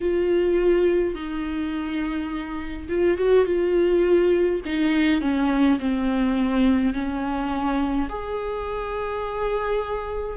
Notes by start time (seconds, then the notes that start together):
0.01 F4
1.14 D#4
2.88 F4
3.17 F#4
3.45 F4
4.65 D#4
5.21 C#4
5.79 C4
6.93 C#4
8.09 G#4